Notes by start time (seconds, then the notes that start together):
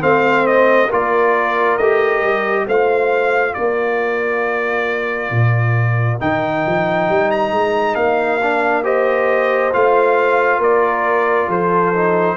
0.00 A3 C4 C5 F5
0.47 D#5
0.87 A#3 F4 A#4 D5
1.77 A3 G4 D#5
2.22 G3
2.67 A3 F4 C5 F5
3.53 A#3 A#4 D5
5.31 A#2
6.20 D#3 D#4 G5
6.66 F3
7.08 G3
7.31 A#5
7.51 G#3
7.95 A#3 F5
8.42 D4
8.83 G4 C5 D#5
9.73 A3 F4 F5
10.59 A#3 A#4 D5
11.48 F3 A4 C5
11.94 D#4